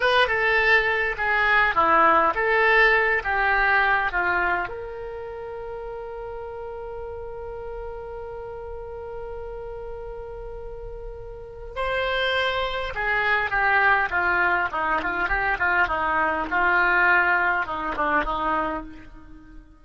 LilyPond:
\new Staff \with { instrumentName = "oboe" } { \time 4/4 \tempo 4 = 102 b'8 a'4. gis'4 e'4 | a'4. g'4. f'4 | ais'1~ | ais'1~ |
ais'1 | c''2 gis'4 g'4 | f'4 dis'8 f'8 g'8 f'8 dis'4 | f'2 dis'8 d'8 dis'4 | }